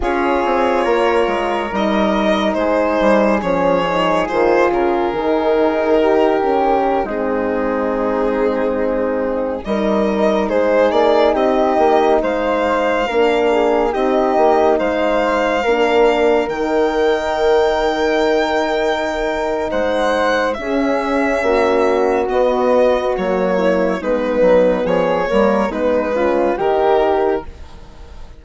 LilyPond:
<<
  \new Staff \with { instrumentName = "violin" } { \time 4/4 \tempo 4 = 70 cis''2 dis''4 c''4 | cis''4 c''8 ais'2~ ais'8~ | ais'16 gis'2. dis''8.~ | dis''16 c''8 d''8 dis''4 f''4.~ f''16~ |
f''16 dis''4 f''2 g''8.~ | g''2. fis''4 | e''2 dis''4 cis''4 | b'4 cis''4 b'4 ais'4 | }
  \new Staff \with { instrumentName = "flute" } { \time 4/4 gis'4 ais'2 gis'4~ | gis'2. g'4~ | g'16 dis'2. ais'8.~ | ais'16 gis'4 g'4 c''4 ais'8 gis'16~ |
gis'16 g'4 c''4 ais'4.~ ais'16~ | ais'2. c''4 | gis'4 fis'2~ fis'8 e'8 | dis'4 gis'8 ais'8 dis'8 f'8 g'4 | }
  \new Staff \with { instrumentName = "horn" } { \time 4/4 f'2 dis'2 | cis'8 dis'8 f'4 dis'4. cis'8~ | cis'16 c'2. dis'8.~ | dis'2.~ dis'16 d'8.~ |
d'16 dis'2 d'4 dis'8.~ | dis'1 | cis'2 b4 ais4 | b4. ais8 b8 cis'8 dis'4 | }
  \new Staff \with { instrumentName = "bassoon" } { \time 4/4 cis'8 c'8 ais8 gis8 g4 gis8 g8 | f4 dis8 cis8 dis2~ | dis16 gis2. g8.~ | g16 gis8 ais8 c'8 ais8 gis4 ais8.~ |
ais16 c'8 ais8 gis4 ais4 dis8.~ | dis2. gis4 | cis'4 ais4 b4 fis4 | gis8 fis8 f8 g8 gis4 dis4 | }
>>